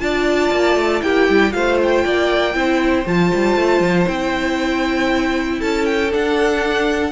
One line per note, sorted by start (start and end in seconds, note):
0.00 0.51 D4
0.00 1.01 F4
0.00 1.03 D5
0.00 1.02 A5
0.51 0.76 A#3
0.76 1.02 A3
1.01 1.29 A#3
1.01 1.52 E4
1.01 1.54 G4
1.01 1.53 G5
1.29 1.55 G3
1.52 2.06 A3
1.52 2.53 F4
1.52 2.05 C5
1.52 1.78 F5
1.83 3.08 G5
2.05 2.55 A#3
2.05 2.56 D5
2.54 3.06 C4
2.54 3.05 E4
2.54 5.59 C5
3.06 3.32 F3
3.06 4.06 F4
3.06 4.08 A5
3.35 3.56 G3
3.56 3.81 A3
3.81 4.06 F3
4.06 5.61 C4
4.06 6.10 E4
4.06 5.61 G5
5.59 6.14 C#4
5.59 7.12 A4
5.59 5.86 A5
5.86 6.11 G5
6.11 7.12 D4
6.11 7.12 F#5